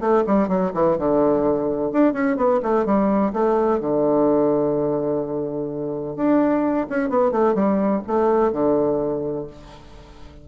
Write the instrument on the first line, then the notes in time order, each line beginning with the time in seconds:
bassoon
0.00 A3
0.26 G3
0.48 F#3
0.74 E3
0.98 D3
1.92 D4
2.13 C#4
2.36 B3
2.62 A3
2.85 G3
3.33 A3
3.80 D3
6.16 D4
6.89 C#4
7.09 B3
7.31 A3
7.55 G3
8.07 A3
8.52 D3